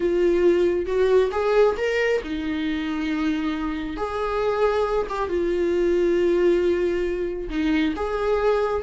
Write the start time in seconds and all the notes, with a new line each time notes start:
0.00 F4
0.85 F#4
1.31 G#4
1.77 A#4
2.23 D#4
3.96 G#4
5.09 G4
5.28 F4
7.49 D#4
7.95 G#4